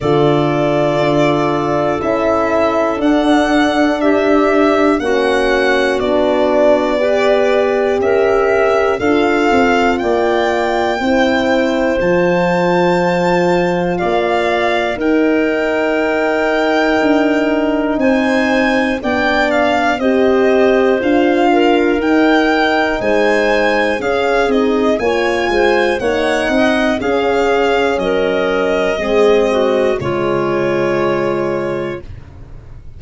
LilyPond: <<
  \new Staff \with { instrumentName = "violin" } { \time 4/4 \tempo 4 = 60 d''2 e''4 fis''4 | e''4 fis''4 d''2 | e''4 f''4 g''2 | a''2 f''4 g''4~ |
g''2 gis''4 g''8 f''8 | dis''4 f''4 g''4 gis''4 | f''8 dis''8 gis''4 fis''4 f''4 | dis''2 cis''2 | }
  \new Staff \with { instrumentName = "clarinet" } { \time 4/4 a'1 | g'4 fis'2 b'4 | ais'4 a'4 d''4 c''4~ | c''2 d''4 ais'4~ |
ais'2 c''4 d''4 | c''4. ais'4. c''4 | gis'4 cis''8 c''8 cis''8 dis''8 gis'4 | ais'4 gis'8 fis'8 f'2 | }
  \new Staff \with { instrumentName = "horn" } { \time 4/4 f'2 e'4 d'4~ | d'4 cis'4 d'4 g'4~ | g'4 f'2 e'4 | f'2. dis'4~ |
dis'2. d'4 | g'4 f'4 dis'2 | cis'8 dis'8 f'4 dis'4 cis'4~ | cis'4 c'4 gis2 | }
  \new Staff \with { instrumentName = "tuba" } { \time 4/4 d4 d'4 cis'4 d'4~ | d'4 ais4 b2 | cis'4 d'8 c'8 ais4 c'4 | f2 ais4 dis'4~ |
dis'4 d'4 c'4 b4 | c'4 d'4 dis'4 gis4 | cis'8 c'8 ais8 gis8 ais8 c'8 cis'4 | fis4 gis4 cis2 | }
>>